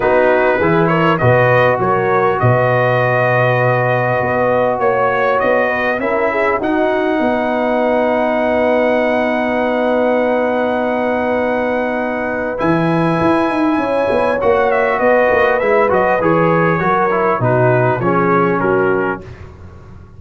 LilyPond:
<<
  \new Staff \with { instrumentName = "trumpet" } { \time 4/4 \tempo 4 = 100 b'4. cis''8 dis''4 cis''4 | dis''1 | cis''4 dis''4 e''4 fis''4~ | fis''1~ |
fis''1~ | fis''4 gis''2. | fis''8 e''8 dis''4 e''8 dis''8 cis''4~ | cis''4 b'4 cis''4 ais'4 | }
  \new Staff \with { instrumentName = "horn" } { \time 4/4 fis'4 gis'8 ais'8 b'4 ais'4 | b'1 | cis''4. b'8 ais'8 gis'8 fis'4 | b'1~ |
b'1~ | b'2. cis''4~ | cis''4 b'2. | ais'4 fis'4 gis'4 fis'4 | }
  \new Staff \with { instrumentName = "trombone" } { \time 4/4 dis'4 e'4 fis'2~ | fis'1~ | fis'2 e'4 dis'4~ | dis'1~ |
dis'1~ | dis'4 e'2. | fis'2 e'8 fis'8 gis'4 | fis'8 e'8 dis'4 cis'2 | }
  \new Staff \with { instrumentName = "tuba" } { \time 4/4 b4 e4 b,4 fis4 | b,2. b4 | ais4 b4 cis'4 dis'4 | b1~ |
b1~ | b4 e4 e'8 dis'8 cis'8 b8 | ais4 b8 ais8 gis8 fis8 e4 | fis4 b,4 f4 fis4 | }
>>